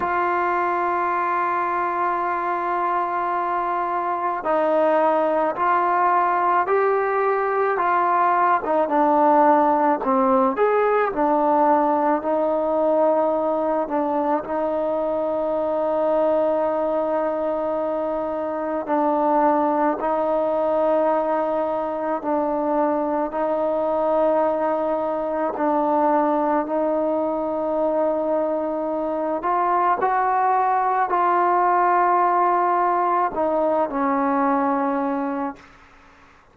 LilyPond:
\new Staff \with { instrumentName = "trombone" } { \time 4/4 \tempo 4 = 54 f'1 | dis'4 f'4 g'4 f'8. dis'16 | d'4 c'8 gis'8 d'4 dis'4~ | dis'8 d'8 dis'2.~ |
dis'4 d'4 dis'2 | d'4 dis'2 d'4 | dis'2~ dis'8 f'8 fis'4 | f'2 dis'8 cis'4. | }